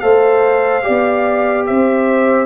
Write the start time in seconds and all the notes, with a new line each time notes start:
0.00 A3 A4 C5 F5
0.83 B3 G4 D5
1.66 C4 C5 E5